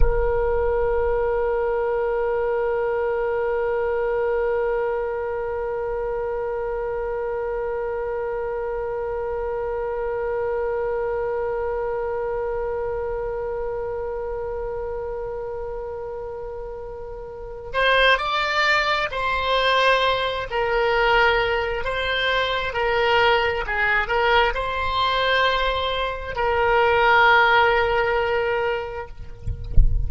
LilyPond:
\new Staff \with { instrumentName = "oboe" } { \time 4/4 \tempo 4 = 66 ais'1~ | ais'1~ | ais'1~ | ais'1~ |
ais'2.~ ais'8 c''8 | d''4 c''4. ais'4. | c''4 ais'4 gis'8 ais'8 c''4~ | c''4 ais'2. | }